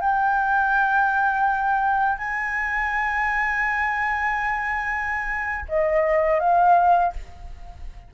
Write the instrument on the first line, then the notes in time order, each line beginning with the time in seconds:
flute
0.00 G5
2.18 G#5
5.68 D#5
6.39 F5